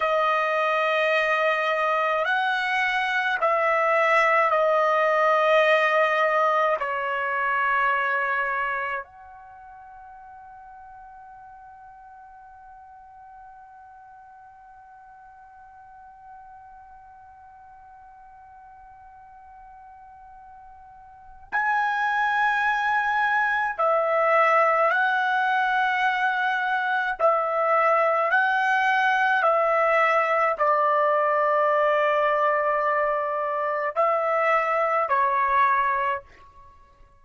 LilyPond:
\new Staff \with { instrumentName = "trumpet" } { \time 4/4 \tempo 4 = 53 dis''2 fis''4 e''4 | dis''2 cis''2 | fis''1~ | fis''1~ |
fis''2. gis''4~ | gis''4 e''4 fis''2 | e''4 fis''4 e''4 d''4~ | d''2 e''4 cis''4 | }